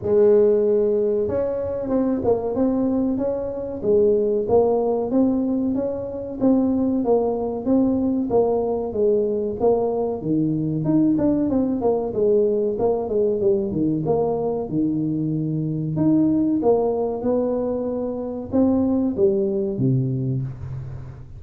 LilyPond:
\new Staff \with { instrumentName = "tuba" } { \time 4/4 \tempo 4 = 94 gis2 cis'4 c'8 ais8 | c'4 cis'4 gis4 ais4 | c'4 cis'4 c'4 ais4 | c'4 ais4 gis4 ais4 |
dis4 dis'8 d'8 c'8 ais8 gis4 | ais8 gis8 g8 dis8 ais4 dis4~ | dis4 dis'4 ais4 b4~ | b4 c'4 g4 c4 | }